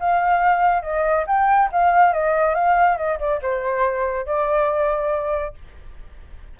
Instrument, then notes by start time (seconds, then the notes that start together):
flute
0.00 F5
0.82 D#5
1.27 G5
1.72 F5
2.13 D#5
2.55 F5
2.97 D#5
3.19 D5
3.42 C5
4.26 D5